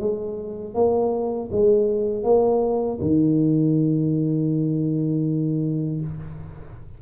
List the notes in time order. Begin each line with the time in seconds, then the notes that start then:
0.00 G#3
0.75 A#3
1.52 G#3
2.24 A#3
3.01 D#3